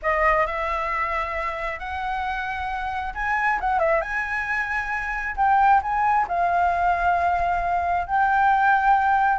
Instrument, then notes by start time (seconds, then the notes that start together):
flute
0.02 D#5
0.46 E5
1.79 F#5
3.14 G#5
3.60 F#5
3.79 E5
4.01 G#5
5.36 G5
5.82 G#5
6.27 F5
8.06 G5